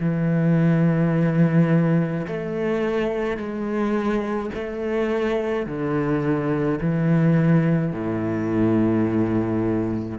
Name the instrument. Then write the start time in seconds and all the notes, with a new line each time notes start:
cello
0.00 E3
2.27 A3
3.37 G#3
4.54 A3
5.66 D3
6.80 E3
7.92 A2